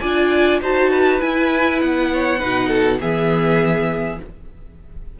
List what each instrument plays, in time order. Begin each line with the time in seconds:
0.00 cello D4, viola F4, violin D5 G#5
0.62 cello D#4, viola F#4, violin C5 A5
0.91 violin B4
1.20 viola E4, cello E4, violin G#5
1.81 cello B3, violin F#5
2.13 violin C#5
2.39 cello B2, viola D#4, violin B4
2.68 violin A4
3.00 cello E3, viola B3, violin G#4 E5